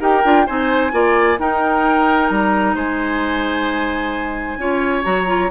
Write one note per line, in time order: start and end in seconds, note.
0.00 0.23 D#4
0.00 0.23 G4
0.00 0.46 A#4
0.00 0.47 G5
0.24 0.47 D4
0.24 0.47 F4
0.46 0.92 C4
0.46 0.92 D#4
0.46 0.92 C5
0.46 1.39 G#5
0.92 1.38 A#3
0.92 1.37 F4
0.92 1.40 D5
1.38 2.30 D#4
1.38 4.60 D#4
1.38 2.75 A#4
1.38 2.29 G5
2.29 2.75 G3
2.29 2.75 A#5
2.75 4.58 G#3
2.75 4.58 C5
2.75 5.04 G#5
4.58 5.03 C#4
4.58 5.04 F4
4.58 5.50 C#5
5.04 5.50 F#3
5.04 5.27 F#4
5.04 5.50 A#5
5.27 5.50 F4